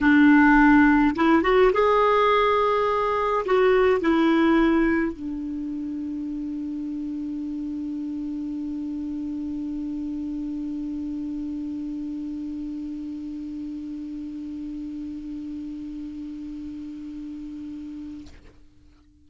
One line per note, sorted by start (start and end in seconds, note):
0.00 1.15 D4
1.15 1.43 E4
1.43 1.71 F#4
1.73 3.44 G#4
3.45 4.00 F#4
4.00 5.12 E4
5.12 18.27 D4